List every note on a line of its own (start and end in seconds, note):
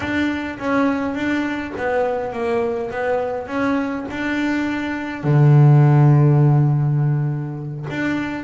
0.00 0.58 D4
0.58 1.14 C#4
1.14 1.73 D4
1.77 2.32 B3
2.32 2.90 A#3
2.90 3.47 B3
3.47 4.05 C#4
4.10 5.23 D4
5.23 7.85 D3
7.90 8.44 D4